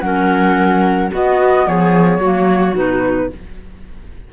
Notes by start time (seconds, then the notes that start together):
0.00 F#3 C#4 A#4 F#5
1.11 B3 F#4 D#5
1.66 F3 G#4 C#5
2.18 F#3 A#3 F#4
2.74 B2 D#4 B4